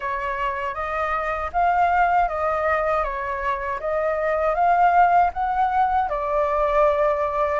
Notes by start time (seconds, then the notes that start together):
0.00 C#5
0.74 D#5
1.53 F5
2.28 D#5
3.03 C#5
3.80 D#5
4.54 F5
5.33 F#5
6.09 D5